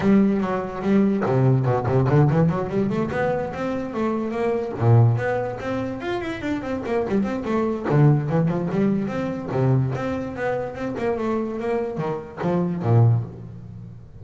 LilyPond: \new Staff \with { instrumentName = "double bass" } { \time 4/4 \tempo 4 = 145 g4 fis4 g4 c4 | b,8 c8 d8 e8 fis8 g8 a8 b8~ | b8 c'4 a4 ais4 ais,8~ | ais,8 b4 c'4 f'8 e'8 d'8 |
c'8 ais8 g8 c'8 a4 d4 | e8 f8 g4 c'4 c4 | c'4 b4 c'8 ais8 a4 | ais4 dis4 f4 ais,4 | }